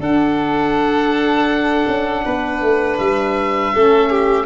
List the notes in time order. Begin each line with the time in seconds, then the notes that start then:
0.00 D4 A4 F#5
1.88 C#4
2.25 B3 B4
2.62 A3
2.98 G3 E5
3.75 A3 C#4 A4
4.10 G4